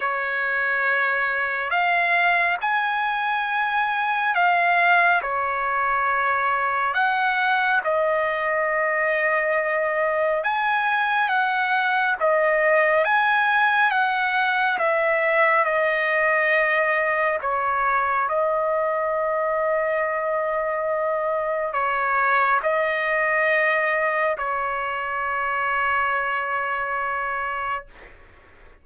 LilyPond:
\new Staff \with { instrumentName = "trumpet" } { \time 4/4 \tempo 4 = 69 cis''2 f''4 gis''4~ | gis''4 f''4 cis''2 | fis''4 dis''2. | gis''4 fis''4 dis''4 gis''4 |
fis''4 e''4 dis''2 | cis''4 dis''2.~ | dis''4 cis''4 dis''2 | cis''1 | }